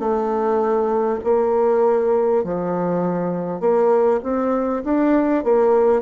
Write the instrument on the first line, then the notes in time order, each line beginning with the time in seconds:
bassoon
0.00 A3
1.24 A#3
2.44 F3
3.61 A#3
4.24 C4
4.84 D4
5.44 A#3